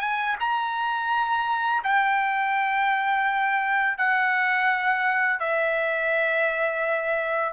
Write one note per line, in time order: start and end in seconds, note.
0.00 0.36 G#5
0.40 1.83 A#5
1.83 3.97 G5
3.97 5.39 F#5
5.39 7.53 E5